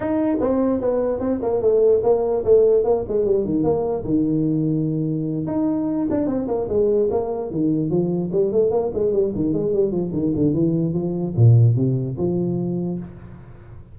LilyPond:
\new Staff \with { instrumentName = "tuba" } { \time 4/4 \tempo 4 = 148 dis'4 c'4 b4 c'8 ais8 | a4 ais4 a4 ais8 gis8 | g8 dis8 ais4 dis2~ | dis4. dis'4. d'8 c'8 |
ais8 gis4 ais4 dis4 f8~ | f8 g8 a8 ais8 gis8 g8 dis8 gis8 | g8 f8 dis8 d8 e4 f4 | ais,4 c4 f2 | }